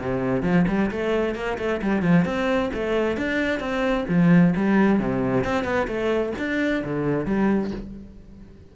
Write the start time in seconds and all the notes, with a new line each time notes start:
0.00 C3
0.43 F3
0.68 G3
0.91 A3
1.35 A#3
1.58 A3
1.82 G3
2.02 F3
2.25 C4
2.74 A3
3.17 D4
3.60 C4
4.09 F3
4.56 G3
4.99 C3
5.44 C4
5.64 B3
5.87 A3
6.38 D4
6.84 D3
7.26 G3